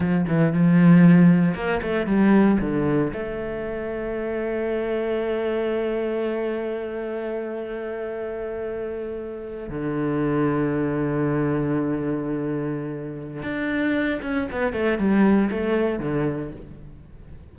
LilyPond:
\new Staff \with { instrumentName = "cello" } { \time 4/4 \tempo 4 = 116 f8 e8 f2 ais8 a8 | g4 d4 a2~ | a1~ | a1~ |
a2~ a8. d4~ d16~ | d1~ | d2 d'4. cis'8 | b8 a8 g4 a4 d4 | }